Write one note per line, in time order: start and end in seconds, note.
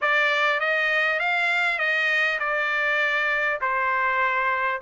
0.01 0.59 D5
0.59 1.19 D#5
1.19 1.78 F5
1.78 2.38 D#5
2.39 3.59 D5
3.61 4.81 C5